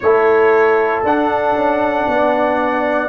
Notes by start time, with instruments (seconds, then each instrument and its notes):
0.00 tuba A3, trombone E4, horn A4, trumpet C#5
1.03 tuba D4, trombone D4, trumpet F#5
1.54 tuba C#4
2.07 tuba B3, horn D5